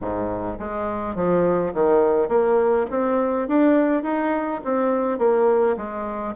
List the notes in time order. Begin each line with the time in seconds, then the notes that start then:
0.01 G#2
0.59 G#3
1.15 F3
1.73 D#3
2.28 A#3
2.90 C4
3.48 D4
4.03 D#4
4.64 C4
5.18 A#3
5.76 G#3